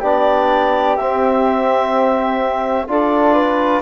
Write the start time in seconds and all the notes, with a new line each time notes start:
0.00 B3 D4 G4 D5
0.96 C4 E5
2.88 D4 F4 A4 D5
3.34 B4